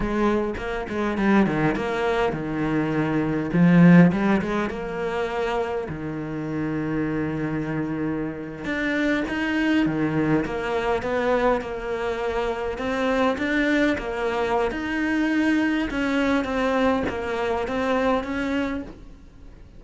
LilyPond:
\new Staff \with { instrumentName = "cello" } { \time 4/4 \tempo 4 = 102 gis4 ais8 gis8 g8 dis8 ais4 | dis2 f4 g8 gis8 | ais2 dis2~ | dis2~ dis8. d'4 dis'16~ |
dis'8. dis4 ais4 b4 ais16~ | ais4.~ ais16 c'4 d'4 ais16~ | ais4 dis'2 cis'4 | c'4 ais4 c'4 cis'4 | }